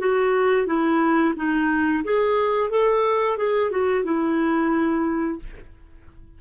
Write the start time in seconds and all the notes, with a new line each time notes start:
0.00 F#4
0.67 E4
1.37 D#4
2.05 G#4
2.71 A4
3.38 G#4
3.71 F#4
4.05 E4